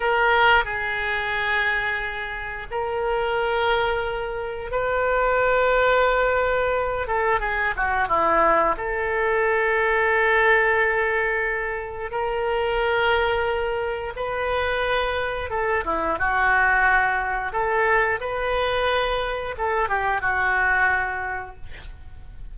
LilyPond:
\new Staff \with { instrumentName = "oboe" } { \time 4/4 \tempo 4 = 89 ais'4 gis'2. | ais'2. b'4~ | b'2~ b'8 a'8 gis'8 fis'8 | e'4 a'2.~ |
a'2 ais'2~ | ais'4 b'2 a'8 e'8 | fis'2 a'4 b'4~ | b'4 a'8 g'8 fis'2 | }